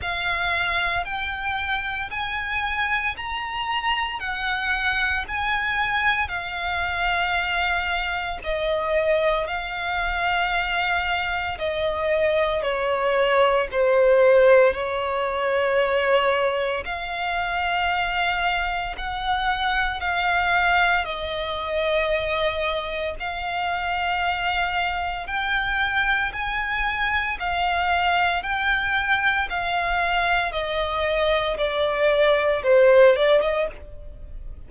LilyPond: \new Staff \with { instrumentName = "violin" } { \time 4/4 \tempo 4 = 57 f''4 g''4 gis''4 ais''4 | fis''4 gis''4 f''2 | dis''4 f''2 dis''4 | cis''4 c''4 cis''2 |
f''2 fis''4 f''4 | dis''2 f''2 | g''4 gis''4 f''4 g''4 | f''4 dis''4 d''4 c''8 d''16 dis''16 | }